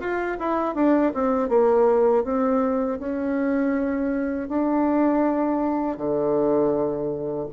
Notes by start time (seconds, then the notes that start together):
0.00 F4
0.40 E4
0.75 D4
1.14 C4
1.49 A#3
2.24 C4
3.00 C#4
4.49 D4
5.98 D3